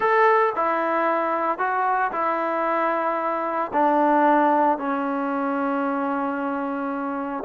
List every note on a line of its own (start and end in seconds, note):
0.00 0.52 A4
0.55 1.58 E4
1.58 2.11 F#4
2.12 3.71 E4
3.73 4.78 D4
4.78 7.43 C#4